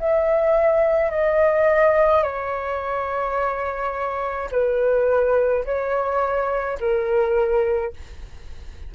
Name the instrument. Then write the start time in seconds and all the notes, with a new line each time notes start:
flute
0.00 E5
1.11 D#5
2.23 C#5
4.52 B4
5.66 C#5
6.80 A#4